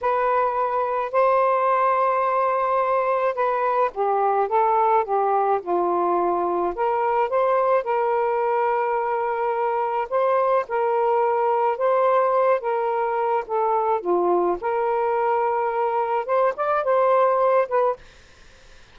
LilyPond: \new Staff \with { instrumentName = "saxophone" } { \time 4/4 \tempo 4 = 107 b'2 c''2~ | c''2 b'4 g'4 | a'4 g'4 f'2 | ais'4 c''4 ais'2~ |
ais'2 c''4 ais'4~ | ais'4 c''4. ais'4. | a'4 f'4 ais'2~ | ais'4 c''8 d''8 c''4. b'8 | }